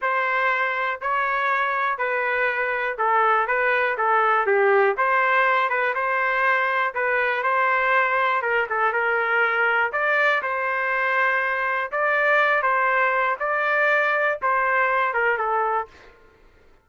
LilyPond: \new Staff \with { instrumentName = "trumpet" } { \time 4/4 \tempo 4 = 121 c''2 cis''2 | b'2 a'4 b'4 | a'4 g'4 c''4. b'8 | c''2 b'4 c''4~ |
c''4 ais'8 a'8 ais'2 | d''4 c''2. | d''4. c''4. d''4~ | d''4 c''4. ais'8 a'4 | }